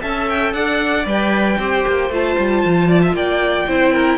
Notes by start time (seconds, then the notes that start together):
0.00 C#4 A4 E5 A5
0.29 G5
0.53 D4 D5 F#5
1.05 G3 B4 G5
1.58 C4 G4 C5
1.87 A#3
2.10 A3 F4 A5
2.38 G3
2.65 F3
2.88 D5
3.02 E5
3.13 A#3 D5 G5
3.68 C4 E4 C5
3.93 A#4